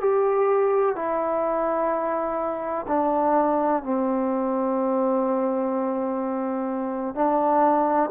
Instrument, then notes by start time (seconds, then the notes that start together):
trombone
0.00 G4
0.96 E4
2.87 D4
3.82 C4
7.15 D4